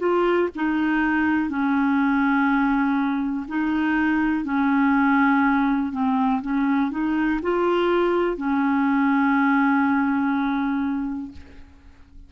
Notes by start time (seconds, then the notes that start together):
0.00 F4
0.56 D#4
1.50 C#4
3.49 D#4
4.45 C#4
5.93 C4
6.42 C#4
6.92 D#4
7.43 F4
8.37 C#4